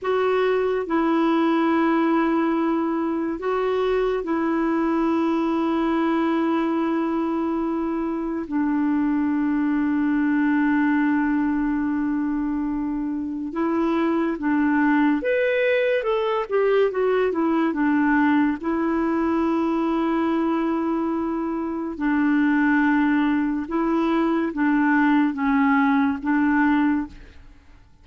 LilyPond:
\new Staff \with { instrumentName = "clarinet" } { \time 4/4 \tempo 4 = 71 fis'4 e'2. | fis'4 e'2.~ | e'2 d'2~ | d'1 |
e'4 d'4 b'4 a'8 g'8 | fis'8 e'8 d'4 e'2~ | e'2 d'2 | e'4 d'4 cis'4 d'4 | }